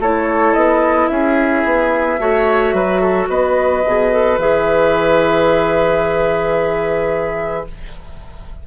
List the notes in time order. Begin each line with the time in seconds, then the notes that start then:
0.00 A3 E4 A4 C#5
0.54 B3 D#5
1.08 C#4 G#4 E5
1.65 B3
2.20 A3 F#4 C#5
2.73 F#3 B4
3.01 A4
3.29 B3 B4 D#5
3.85 B2 G#4
4.13 A4
4.39 E3 G#4 E5